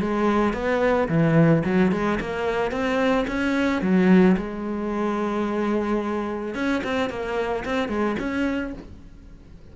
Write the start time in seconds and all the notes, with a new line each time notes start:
0.00 G#3
0.53 B3
1.09 E3
1.65 F#3
1.92 G#3
2.20 A#3
2.71 C4
3.27 C#4
3.82 F#3
4.37 G#3
6.55 C#4
6.84 C4
7.10 A#3
7.65 C4
7.89 G#3
8.19 C#4